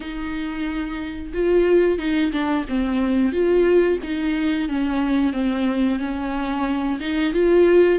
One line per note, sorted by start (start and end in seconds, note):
0.00 1.32 D#4
1.33 1.98 F4
1.98 2.31 D#4
2.32 2.65 D4
2.68 3.32 C4
3.32 3.98 F4
4.03 4.68 D#4
4.68 5.32 C#4
5.32 5.99 C4
5.99 6.99 C#4
6.99 7.33 D#4
7.33 7.98 F4